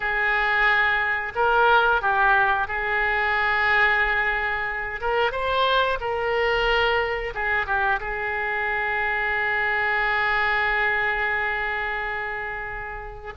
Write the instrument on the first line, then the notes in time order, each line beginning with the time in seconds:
oboe
0.00 G#4
1.35 A#4
2.01 G4
2.67 G#4
5.01 A#4
5.32 C5
6.00 A#4
7.34 G#4
7.66 G4
8.00 G#4